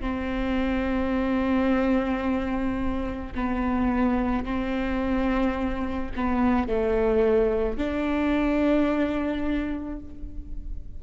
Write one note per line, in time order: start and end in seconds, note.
0.00 3.33 C4
3.34 4.44 B3
4.44 6.11 C4
6.15 6.68 B3
6.68 7.77 A3
7.77 9.99 D4